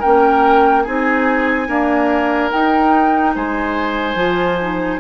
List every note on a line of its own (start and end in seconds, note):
0.00 0.87 A#3
0.00 0.86 C#4
0.00 0.83 A#4
0.00 0.83 G5
0.83 1.69 C4
0.83 1.68 D#4
0.83 1.68 G#4
0.83 2.50 G#5
1.68 2.51 A#3
1.68 2.52 D4
1.68 3.35 A#4
2.51 4.17 D#4
2.51 3.36 D#4
2.51 3.35 G5
3.35 4.15 G#3
3.35 5.00 C5
3.35 5.00 G#5
4.15 4.99 F3
4.15 4.59 F4
4.61 5.00 D#4